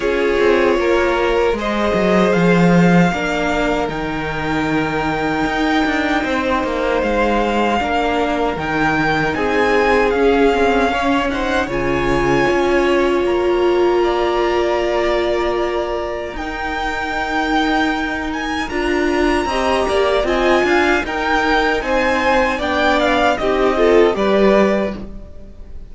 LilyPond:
<<
  \new Staff \with { instrumentName = "violin" } { \time 4/4 \tempo 4 = 77 cis''2 dis''4 f''4~ | f''4 g''2.~ | g''4 f''2 g''4 | gis''4 f''4. fis''8 gis''4~ |
gis''4 ais''2.~ | ais''4 g''2~ g''8 gis''8 | ais''2 gis''4 g''4 | gis''4 g''8 f''8 dis''4 d''4 | }
  \new Staff \with { instrumentName = "violin" } { \time 4/4 gis'4 ais'4 c''2 | ais'1 | c''2 ais'2 | gis'2 cis''8 c''8 cis''4~ |
cis''2 d''2~ | d''4 ais'2.~ | ais'4 dis''8 d''8 dis''8 f''8 ais'4 | c''4 d''4 g'8 a'8 b'4 | }
  \new Staff \with { instrumentName = "viola" } { \time 4/4 f'2 gis'2 | d'4 dis'2.~ | dis'2 d'4 dis'4~ | dis'4 cis'8 c'8 cis'8 dis'8 f'4~ |
f'1~ | f'4 dis'2. | f'4 g'4 f'4 dis'4~ | dis'4 d'4 dis'8 f'8 g'4 | }
  \new Staff \with { instrumentName = "cello" } { \time 4/4 cis'8 c'8 ais4 gis8 fis8 f4 | ais4 dis2 dis'8 d'8 | c'8 ais8 gis4 ais4 dis4 | c'4 cis'2 cis4 |
cis'4 ais2.~ | ais4 dis'2. | d'4 c'8 ais8 c'8 d'8 dis'4 | c'4 b4 c'4 g4 | }
>>